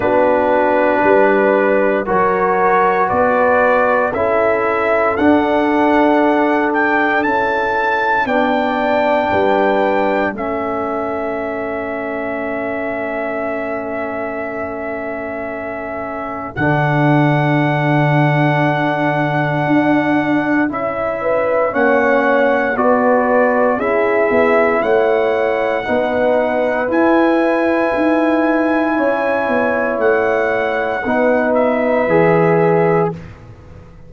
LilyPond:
<<
  \new Staff \with { instrumentName = "trumpet" } { \time 4/4 \tempo 4 = 58 b'2 cis''4 d''4 | e''4 fis''4. g''8 a''4 | g''2 e''2~ | e''1 |
fis''1 | e''4 fis''4 d''4 e''4 | fis''2 gis''2~ | gis''4 fis''4. e''4. | }
  \new Staff \with { instrumentName = "horn" } { \time 4/4 fis'4 b'4 ais'4 b'4 | a'1 | d''4 b'4 a'2~ | a'1~ |
a'1~ | a'8 b'8 cis''4 b'4 gis'4 | cis''4 b'2. | cis''2 b'2 | }
  \new Staff \with { instrumentName = "trombone" } { \time 4/4 d'2 fis'2 | e'4 d'2 e'4 | d'2 cis'2~ | cis'1 |
d'1 | e'4 cis'4 fis'4 e'4~ | e'4 dis'4 e'2~ | e'2 dis'4 gis'4 | }
  \new Staff \with { instrumentName = "tuba" } { \time 4/4 b4 g4 fis4 b4 | cis'4 d'2 cis'4 | b4 g4 a2~ | a1 |
d2. d'4 | cis'4 ais4 b4 cis'8 b8 | a4 b4 e'4 dis'4 | cis'8 b8 a4 b4 e4 | }
>>